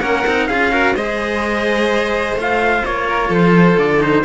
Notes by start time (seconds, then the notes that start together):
0.00 A#3 C#4 A#4 F#5
0.26 C4 D#4
0.47 C#4 F4 G#4 F5
0.72 F#4 A#4
0.95 G#3 G#4 C5 D#5
2.34 A3 F4
2.41 F5
2.85 A#3 C#5
3.08 A#4
3.28 F3 A4
3.34 C5
3.77 D3 D5
3.99 D#4 C5